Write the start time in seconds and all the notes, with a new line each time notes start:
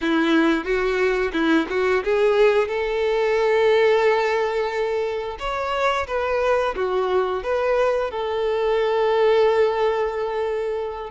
0.01 E4
0.64 F#4
1.32 E4
1.69 F#4
2.03 G#4
2.68 A4
5.39 C#5
6.07 B4
6.75 F#4
7.43 B4
8.10 A4